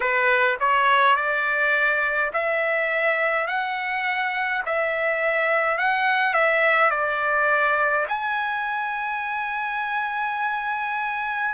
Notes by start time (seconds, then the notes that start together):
0.00 B4
0.60 C#5
1.15 D5
2.33 E5
3.47 F#5
4.65 E5
5.77 F#5
6.33 E5
6.90 D5
8.08 G#5